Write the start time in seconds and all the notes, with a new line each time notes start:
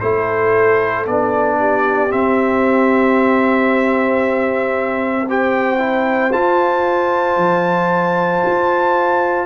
0.00 A3 E4 A4 C5
1.06 B3 D4 D5
1.59 G4
2.09 C4 E5
5.27 G4 C5 G5
5.78 E4
6.32 F4 A5
7.36 F3
8.45 F4